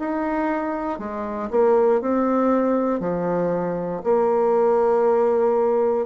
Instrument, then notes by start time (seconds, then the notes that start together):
bassoon
0.00 D#4
0.99 G#3
1.51 A#3
2.02 C4
3.00 F3
4.04 A#3